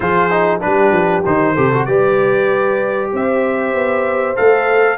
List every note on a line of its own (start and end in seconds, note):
0.00 0.61 F3
0.00 0.30 F4
0.00 0.62 G#4
0.00 0.60 C5
0.30 0.60 D#4
0.60 0.91 G3
0.60 1.23 D4
0.60 1.54 G4
0.60 1.23 B4
0.91 1.22 F3
1.25 1.57 D#3
1.25 1.56 D#4
1.25 1.85 C5
1.54 1.86 C3
1.54 1.72 G4
1.54 1.85 A4
1.73 1.87 F#4
1.85 3.11 G3
1.85 4.35 G4
1.85 3.12 B4
1.85 3.10 D5
3.12 3.73 C4
3.12 4.98 C5
3.12 4.36 E5
3.73 4.36 B3
4.35 4.98 A3
4.35 4.98 A4
4.35 4.98 F5